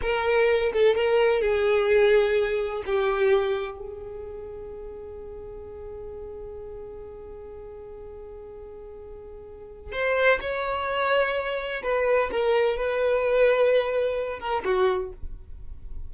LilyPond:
\new Staff \with { instrumentName = "violin" } { \time 4/4 \tempo 4 = 127 ais'4. a'8 ais'4 gis'4~ | gis'2 g'2 | gis'1~ | gis'1~ |
gis'1~ | gis'4 c''4 cis''2~ | cis''4 b'4 ais'4 b'4~ | b'2~ b'8 ais'8 fis'4 | }